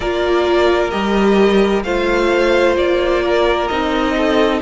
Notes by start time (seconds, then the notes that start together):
0.00 A#3 F4 A#4 D5
0.90 G3 G4 D#5
1.83 A3 F4 C5 F5
2.76 A#3 D5
3.23 A#4
3.68 C4 D#4 D#5
4.16 A4